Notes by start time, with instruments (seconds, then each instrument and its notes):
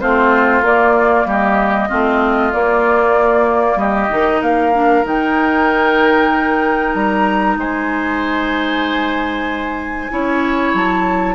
0.00 bassoon A3, clarinet C4, oboe F4, flute C5
0.61 bassoon A#3, clarinet A#3, flute D5
1.25 bassoon G3, oboe G4, flute D#5
1.89 bassoon A3, clarinet C4, oboe F4
2.53 clarinet A#3, bassoon A#3, flute D5
3.76 bassoon G3, oboe G4, flute D#5
4.10 bassoon D#3, clarinet D#4
4.41 bassoon A#3, oboe A#4, flute F5
4.73 clarinet D4
5.03 bassoon D#3, clarinet D#4, flute G5
6.94 bassoon G3, flute A#5
7.56 bassoon G#3, oboe C5, flute G#5
10.10 bassoon C#4, clarinet E4, oboe C#5
10.74 bassoon F#3, flute A5